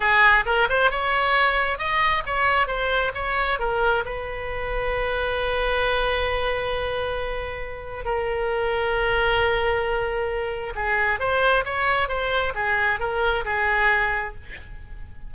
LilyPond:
\new Staff \with { instrumentName = "oboe" } { \time 4/4 \tempo 4 = 134 gis'4 ais'8 c''8 cis''2 | dis''4 cis''4 c''4 cis''4 | ais'4 b'2.~ | b'1~ |
b'2 ais'2~ | ais'1 | gis'4 c''4 cis''4 c''4 | gis'4 ais'4 gis'2 | }